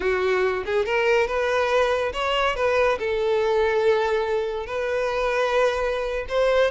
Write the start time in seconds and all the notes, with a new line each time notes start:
0.00 F#4
0.65 G#4
0.85 A#4
1.27 B4
2.13 C#5
2.55 B4
2.99 A4
4.66 B4
6.28 C5